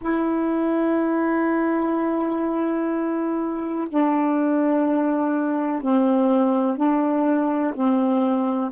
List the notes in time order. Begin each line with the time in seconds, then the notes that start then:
0.00 E4
3.89 D4
5.82 C4
6.77 D4
7.74 C4